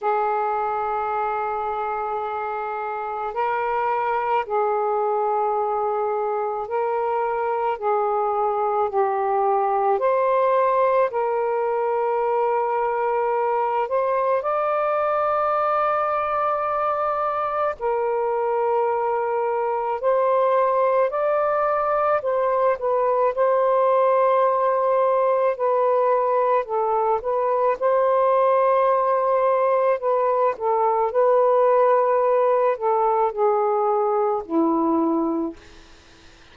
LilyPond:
\new Staff \with { instrumentName = "saxophone" } { \time 4/4 \tempo 4 = 54 gis'2. ais'4 | gis'2 ais'4 gis'4 | g'4 c''4 ais'2~ | ais'8 c''8 d''2. |
ais'2 c''4 d''4 | c''8 b'8 c''2 b'4 | a'8 b'8 c''2 b'8 a'8 | b'4. a'8 gis'4 e'4 | }